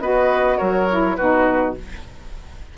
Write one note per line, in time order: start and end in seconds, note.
0.00 0.58 B3
0.00 0.88 F#4
0.00 0.58 B4
0.00 0.58 D#5
0.58 1.18 F#3
0.58 1.16 A#4
0.58 1.16 C#5
0.89 1.19 E4
1.16 1.76 B2
1.16 1.77 D#4
1.16 1.75 F#4
1.16 1.74 B4